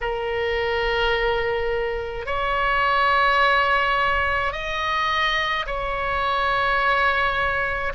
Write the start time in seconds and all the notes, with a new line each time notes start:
0.00 A#4
2.25 C#5
4.52 D#5
5.66 C#5